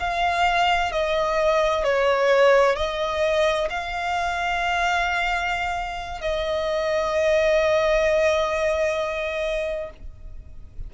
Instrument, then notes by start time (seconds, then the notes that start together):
violin
0.00 F5
0.92 D#5
1.84 C#5
2.76 D#5
3.70 F5
6.21 D#5